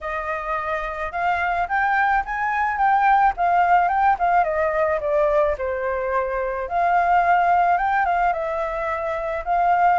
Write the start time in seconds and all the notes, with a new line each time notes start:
0.01 D#5
1.12 F5
1.68 G5
2.25 G#5
2.77 G5
3.36 F5
3.88 G5
4.18 F5
4.43 D#5
5.00 D5
5.58 C5
6.68 F5
7.77 G5
8.05 F5
8.32 E5
9.44 F5